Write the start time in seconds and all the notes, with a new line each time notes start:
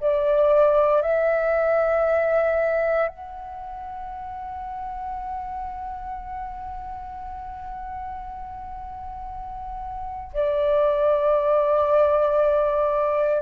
0.00 D5
1.02 E5
3.08 F#5
10.33 D5